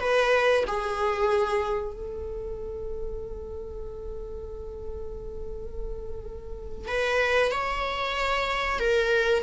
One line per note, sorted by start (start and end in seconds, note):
0.00 0.64 B4
0.67 1.93 G#4
1.93 6.88 A4
6.88 7.51 B4
7.52 8.79 C#5
8.79 9.43 A#4